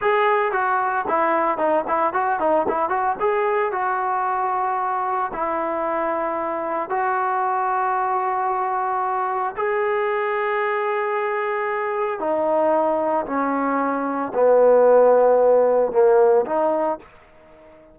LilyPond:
\new Staff \with { instrumentName = "trombone" } { \time 4/4 \tempo 4 = 113 gis'4 fis'4 e'4 dis'8 e'8 | fis'8 dis'8 e'8 fis'8 gis'4 fis'4~ | fis'2 e'2~ | e'4 fis'2.~ |
fis'2 gis'2~ | gis'2. dis'4~ | dis'4 cis'2 b4~ | b2 ais4 dis'4 | }